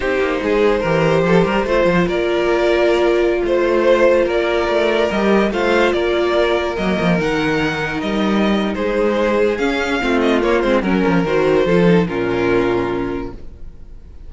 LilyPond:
<<
  \new Staff \with { instrumentName = "violin" } { \time 4/4 \tempo 4 = 144 c''1~ | c''4 d''2.~ | d''16 c''2 d''4.~ d''16~ | d''16 dis''4 f''4 d''4.~ d''16~ |
d''16 dis''4 fis''2 dis''8.~ | dis''4 c''2 f''4~ | f''8 dis''8 cis''8 c''8 ais'4 c''4~ | c''4 ais'2. | }
  \new Staff \with { instrumentName = "violin" } { \time 4/4 g'4 gis'4 ais'4 a'8 ais'8 | c''4 ais'2.~ | ais'16 c''2 ais'4.~ ais'16~ | ais'4~ ais'16 c''4 ais'4.~ ais'16~ |
ais'1~ | ais'4 gis'2. | f'2 ais'2 | a'4 f'2. | }
  \new Staff \with { instrumentName = "viola" } { \time 4/4 dis'2 g'2 | f'1~ | f'1~ | f'16 g'4 f'2~ f'8.~ |
f'16 ais4 dis'2~ dis'8.~ | dis'2. cis'4 | c'4 ais8 c'8 cis'4 fis'4 | f'8 dis'8 cis'2. | }
  \new Staff \with { instrumentName = "cello" } { \time 4/4 c'8 ais8 gis4 e4 f8 g8 | a8 f8 ais2.~ | ais16 a2 ais4 a8.~ | a16 g4 a4 ais4.~ ais16~ |
ais16 fis8 f8 dis2 g8.~ | g4 gis2 cis'4 | a4 ais8 gis8 fis8 f8 dis4 | f4 ais,2. | }
>>